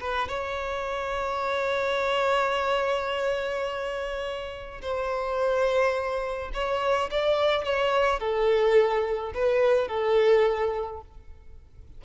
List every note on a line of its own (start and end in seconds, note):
0.00 0.28 B4
0.28 4.81 C#5
4.81 6.51 C5
6.53 7.10 C#5
7.10 7.64 D5
7.64 8.19 C#5
8.19 9.33 A4
9.34 9.88 B4
9.88 11.01 A4